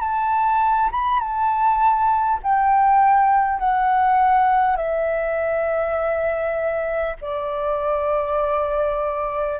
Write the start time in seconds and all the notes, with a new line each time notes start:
0.00 A5
0.92 B5
1.20 A5
2.43 G5
3.59 F#5
4.77 E5
7.22 D5